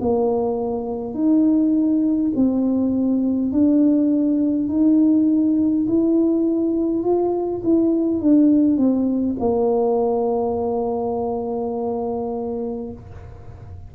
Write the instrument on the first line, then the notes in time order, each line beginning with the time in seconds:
tuba
0.00 A#3
1.14 D#4
2.36 C4
3.52 D4
4.68 D#4
5.87 E4
7.03 F4
7.64 E4
8.21 D4
8.77 C4
9.40 A#3